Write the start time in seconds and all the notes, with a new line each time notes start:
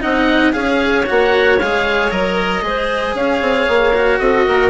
0.00 C4 D#4 D#5 F#5
0.52 C#4 G#4 C#5 F5
1.06 A#3 F#4 F#5
1.59 G#3 G#4 F5
2.11 F#3 A#4 D#5
2.62 G#3 G#4 C5
3.14 C#4 C#5 F5
3.41 C4
3.68 A#3
3.93 F#4
4.19 C4 A4 D#5
4.45 A#3 A#4